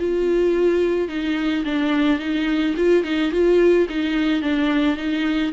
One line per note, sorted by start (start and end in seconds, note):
0.00 1.09 F4
1.09 1.64 D#4
1.65 2.20 D4
2.20 2.75 D#4
2.77 3.04 F4
3.04 3.32 D#4
3.32 3.87 F4
3.90 4.42 D#4
4.42 4.97 D4
4.97 5.53 D#4